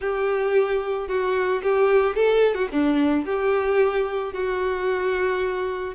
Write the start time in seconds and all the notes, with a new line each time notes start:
0.00 G4
1.08 F#4
1.62 G4
2.15 A4
2.54 F#4
2.72 D4
3.25 G4
4.33 F#4